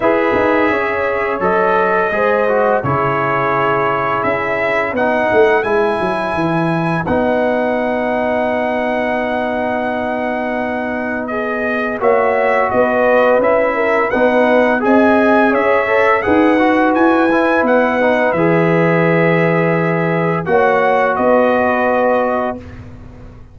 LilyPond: <<
  \new Staff \with { instrumentName = "trumpet" } { \time 4/4 \tempo 4 = 85 e''2 dis''2 | cis''2 e''4 fis''4 | gis''2 fis''2~ | fis''1 |
dis''4 e''4 dis''4 e''4 | fis''4 gis''4 e''4 fis''4 | gis''4 fis''4 e''2~ | e''4 fis''4 dis''2 | }
  \new Staff \with { instrumentName = "horn" } { \time 4/4 b'4 cis''2 c''4 | gis'2. b'4~ | b'1~ | b'1~ |
b'4 cis''4 b'4. ais'8 | b'4 dis''4 cis''4 b'4~ | b'1~ | b'4 cis''4 b'2 | }
  \new Staff \with { instrumentName = "trombone" } { \time 4/4 gis'2 a'4 gis'8 fis'8 | e'2. dis'4 | e'2 dis'2~ | dis'1 |
gis'4 fis'2 e'4 | dis'4 gis'4. a'8 gis'8 fis'8~ | fis'8 e'4 dis'8 gis'2~ | gis'4 fis'2. | }
  \new Staff \with { instrumentName = "tuba" } { \time 4/4 e'8 dis'8 cis'4 fis4 gis4 | cis2 cis'4 b8 a8 | gis8 fis8 e4 b2~ | b1~ |
b4 ais4 b4 cis'4 | b4 c'4 cis'4 dis'4 | e'4 b4 e2~ | e4 ais4 b2 | }
>>